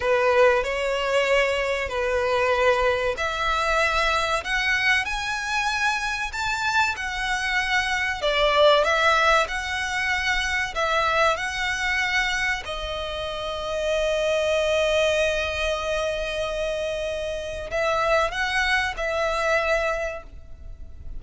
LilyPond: \new Staff \with { instrumentName = "violin" } { \time 4/4 \tempo 4 = 95 b'4 cis''2 b'4~ | b'4 e''2 fis''4 | gis''2 a''4 fis''4~ | fis''4 d''4 e''4 fis''4~ |
fis''4 e''4 fis''2 | dis''1~ | dis''1 | e''4 fis''4 e''2 | }